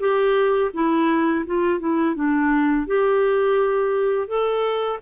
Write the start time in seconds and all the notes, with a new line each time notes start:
0.00 G4
0.74 E4
1.46 F4
1.80 E4
2.15 D4
2.87 G4
4.28 A4